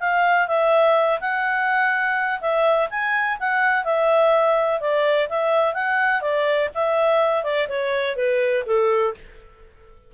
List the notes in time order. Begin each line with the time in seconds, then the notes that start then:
0.00 F5
0.48 E5
1.20 F#5
2.41 E5
2.90 G#5
3.40 F#5
3.84 E5
4.81 D5
5.30 E5
5.74 F#5
6.21 D5
6.74 E5
7.44 D5
7.69 C#5
8.16 B4
8.66 A4